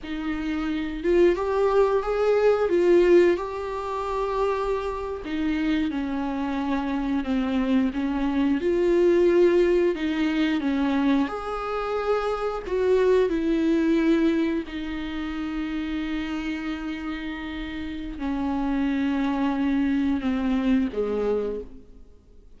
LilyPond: \new Staff \with { instrumentName = "viola" } { \time 4/4 \tempo 4 = 89 dis'4. f'8 g'4 gis'4 | f'4 g'2~ g'8. dis'16~ | dis'8. cis'2 c'4 cis'16~ | cis'8. f'2 dis'4 cis'16~ |
cis'8. gis'2 fis'4 e'16~ | e'4.~ e'16 dis'2~ dis'16~ | dis'2. cis'4~ | cis'2 c'4 gis4 | }